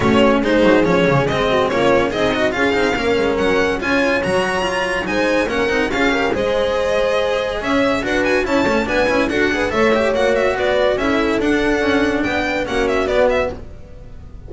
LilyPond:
<<
  \new Staff \with { instrumentName = "violin" } { \time 4/4 \tempo 4 = 142 cis''4 c''4 cis''4 dis''4 | cis''4 dis''4 f''2 | fis''4 gis''4 ais''2 | gis''4 fis''4 f''4 dis''4~ |
dis''2 e''4 fis''8 gis''8 | a''4 gis''4 fis''4 e''4 | fis''8 e''8 d''4 e''4 fis''4~ | fis''4 g''4 fis''8 e''8 d''8 e''8 | }
  \new Staff \with { instrumentName = "horn" } { \time 4/4 fis'4 gis'2~ gis'8 fis'8 | f'4 dis'4 gis'4 ais'4~ | ais'4 cis''2. | c''4 ais'4 gis'8 ais'8 c''4~ |
c''2 cis''4 b'4 | cis''4 b'4 a'8 b'8 cis''4~ | cis''4 b'4 a'2~ | a'4 b'4 fis'2 | }
  \new Staff \with { instrumentName = "cello" } { \time 4/4 cis'4 dis'4 cis'4 c'4 | cis'4 gis'8 fis'8 f'8 dis'8 cis'4~ | cis'4 f'4 fis'4 f'4 | dis'4 cis'8 dis'8 f'8 g'8 gis'4~ |
gis'2. fis'4 | e'8 cis'8 d'8 e'8 fis'8 gis'8 a'8 g'8 | fis'2 e'4 d'4~ | d'2 cis'4 b4 | }
  \new Staff \with { instrumentName = "double bass" } { \time 4/4 a4 gis8 fis8 f8 cis8 gis4 | ais4 c'4 cis'8 c'8 ais8 gis8 | fis4 cis'4 fis2 | gis4 ais8 c'8 cis'4 gis4~ |
gis2 cis'4 d'4 | cis'8 a8 b8 cis'8 d'4 a4 | ais4 b4 cis'4 d'4 | cis'4 b4 ais4 b4 | }
>>